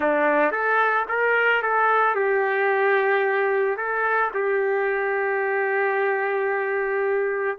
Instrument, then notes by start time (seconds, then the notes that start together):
trumpet
0.00 D4
0.51 A4
1.08 A#4
1.62 A4
2.15 G4
3.77 A4
4.34 G4